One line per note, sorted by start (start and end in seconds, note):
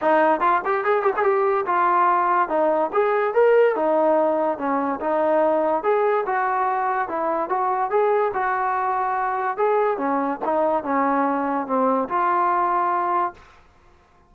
0.01 0.40 D#4
0.40 0.61 F4
0.64 0.84 G4
0.84 1.02 G#4
1.02 1.12 G4
1.16 1.23 G#4
1.23 1.65 G4
1.66 2.48 F4
2.48 2.90 D#4
2.92 3.34 G#4
3.34 3.75 A#4
3.75 4.58 D#4
4.58 4.99 C#4
5.00 5.83 D#4
5.83 6.24 G#4
6.26 7.08 F#4
7.08 7.49 E4
7.49 7.90 F#4
7.90 8.32 G#4
8.33 9.57 F#4
9.57 9.97 G#4
9.97 10.39 C#4
10.45 10.83 D#4
10.83 11.66 C#4
11.66 12.08 C4
12.08 13.33 F4